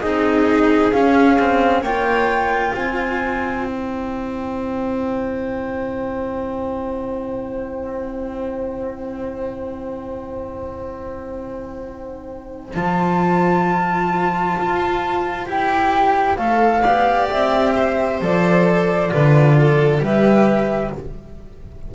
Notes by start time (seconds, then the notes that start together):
0.00 C4 D#4 G#4 D#5
0.92 C#4 F5
1.39 C4
1.82 A#3 F4 C#5 G5
2.73 C4 C5 G#5
3.66 E4 G5
12.74 F3 F4 A5
14.59 F4
15.46 E4 G4 G5
16.36 A3 A4 F5
16.82 B3 G4 D5
17.30 C4 E5
17.75 C5
18.21 F3 A4 D5
19.09 D3 F4 B4
19.60 A4
19.99 G3 G4 B4 E5